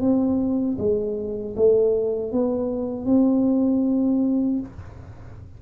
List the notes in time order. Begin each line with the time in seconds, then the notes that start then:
0.00 C4
0.78 G#3
1.56 A3
2.31 B3
3.05 C4